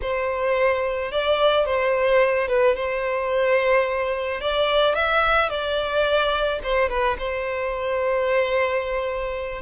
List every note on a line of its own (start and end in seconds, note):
0.02 1.11 C5
1.11 1.65 D5
1.65 2.48 C5
2.48 2.75 B4
2.75 4.40 C5
4.41 4.94 D5
4.94 5.49 E5
5.49 6.59 D5
6.63 6.89 C5
6.89 7.17 B4
7.18 9.61 C5